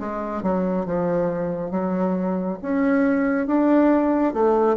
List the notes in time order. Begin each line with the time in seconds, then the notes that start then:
0.00 G#3
0.43 F#3
0.86 F3
1.71 F#3
2.62 C#4
3.47 D4
4.34 A3